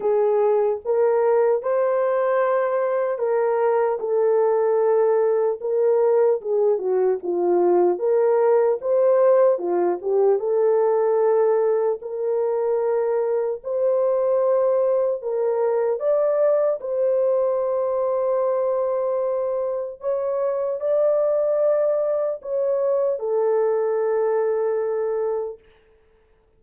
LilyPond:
\new Staff \with { instrumentName = "horn" } { \time 4/4 \tempo 4 = 75 gis'4 ais'4 c''2 | ais'4 a'2 ais'4 | gis'8 fis'8 f'4 ais'4 c''4 | f'8 g'8 a'2 ais'4~ |
ais'4 c''2 ais'4 | d''4 c''2.~ | c''4 cis''4 d''2 | cis''4 a'2. | }